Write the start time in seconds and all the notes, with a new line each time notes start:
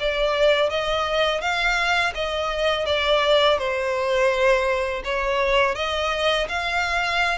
0.00 D5
0.70 D#5
1.41 F5
2.15 D#5
2.87 D5
3.58 C5
5.05 C#5
5.75 D#5
6.49 F5